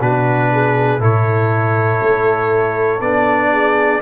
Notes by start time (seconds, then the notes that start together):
0.00 B2 D4 F#4 B4
0.52 G#4
0.99 A2 E4 A4 C#5
2.01 A3
3.00 B3 D4 D5
3.51 G#4